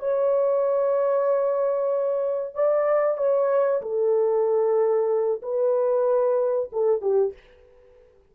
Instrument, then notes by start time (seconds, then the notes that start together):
horn
0.00 C#5
2.55 D5
3.18 C#5
3.82 A4
5.43 B4
6.73 A4
7.02 G4